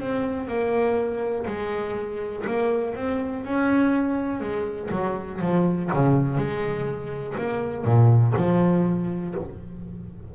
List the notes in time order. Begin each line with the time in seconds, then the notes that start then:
0.00 C4
0.48 A#3
1.48 G#3
2.47 A#3
2.96 C4
3.45 C#4
4.41 G#3
4.92 F#3
5.42 F3
5.94 C#3
6.38 G#3
7.38 A#3
7.86 A#2
8.37 F3